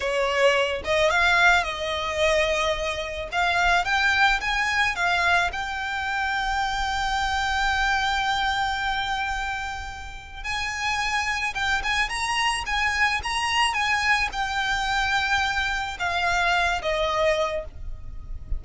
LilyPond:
\new Staff \with { instrumentName = "violin" } { \time 4/4 \tempo 4 = 109 cis''4. dis''8 f''4 dis''4~ | dis''2 f''4 g''4 | gis''4 f''4 g''2~ | g''1~ |
g''2. gis''4~ | gis''4 g''8 gis''8 ais''4 gis''4 | ais''4 gis''4 g''2~ | g''4 f''4. dis''4. | }